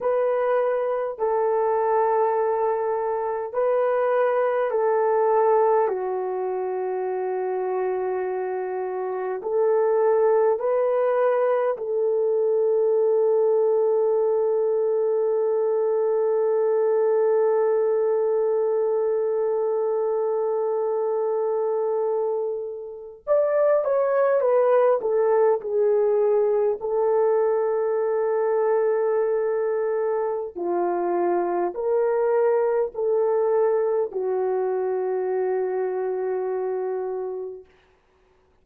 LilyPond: \new Staff \with { instrumentName = "horn" } { \time 4/4 \tempo 4 = 51 b'4 a'2 b'4 | a'4 fis'2. | a'4 b'4 a'2~ | a'1~ |
a'2.~ a'8. d''16~ | d''16 cis''8 b'8 a'8 gis'4 a'4~ a'16~ | a'2 f'4 ais'4 | a'4 fis'2. | }